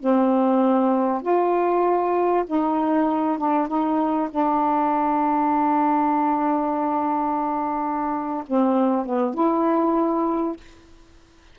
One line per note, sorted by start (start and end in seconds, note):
0.00 1.22 C4
1.23 2.45 F4
2.47 3.38 D#4
3.38 3.68 D4
3.68 4.29 D#4
4.31 8.44 D4
8.47 9.06 C4
9.06 9.35 B3
9.35 10.57 E4